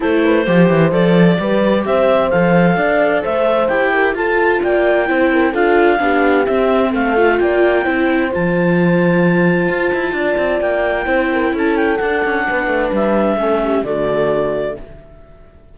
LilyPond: <<
  \new Staff \with { instrumentName = "clarinet" } { \time 4/4 \tempo 4 = 130 c''2 d''2 | e''4 f''2 e''4 | g''4 a''4 g''2 | f''2 e''4 f''4 |
g''2 a''2~ | a''2. g''4~ | g''4 a''8 g''8 fis''2 | e''2 d''2 | }
  \new Staff \with { instrumentName = "horn" } { \time 4/4 a'8 b'8 c''2 b'4 | c''2 d''4 c''4~ | c''8 ais'8 a'4 d''4 c''8 ais'8 | a'4 g'2 a'4 |
d''4 c''2.~ | c''2 d''2 | c''8 ais'8 a'2 b'4~ | b'4 a'8 g'8 fis'2 | }
  \new Staff \with { instrumentName = "viola" } { \time 4/4 e'4 g'4 a'4 g'4~ | g'4 a'2. | g'4 f'2 e'4 | f'4 d'4 c'4. f'8~ |
f'4 e'4 f'2~ | f'1 | e'2 d'2~ | d'4 cis'4 a2 | }
  \new Staff \with { instrumentName = "cello" } { \time 4/4 a4 f8 e8 f4 g4 | c'4 f4 d'4 a4 | e'4 f'4 ais4 c'4 | d'4 b4 c'4 a4 |
ais4 c'4 f2~ | f4 f'8 e'8 d'8 c'8 ais4 | c'4 cis'4 d'8 cis'8 b8 a8 | g4 a4 d2 | }
>>